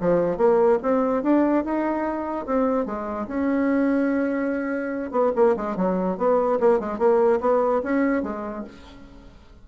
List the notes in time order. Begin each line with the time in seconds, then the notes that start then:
0.00 F3
0.37 A#3
0.82 C4
1.22 D4
1.64 D#4
2.45 C4
2.85 G#3
3.27 C#4
5.11 B3
5.35 A#3
5.56 G#3
5.76 F#3
6.17 B3
6.59 A#3
6.79 G#3
6.98 A#3
7.40 B3
7.83 C#4
8.23 G#3